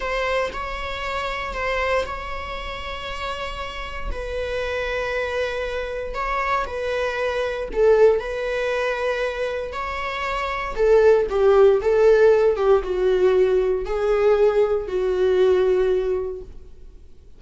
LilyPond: \new Staff \with { instrumentName = "viola" } { \time 4/4 \tempo 4 = 117 c''4 cis''2 c''4 | cis''1 | b'1 | cis''4 b'2 a'4 |
b'2. cis''4~ | cis''4 a'4 g'4 a'4~ | a'8 g'8 fis'2 gis'4~ | gis'4 fis'2. | }